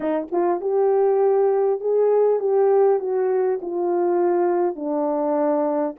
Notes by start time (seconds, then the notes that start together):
0.00 D#4
0.31 F4
0.61 G4
1.80 G#4
2.39 G4
2.99 F#4
3.61 F4
4.75 D4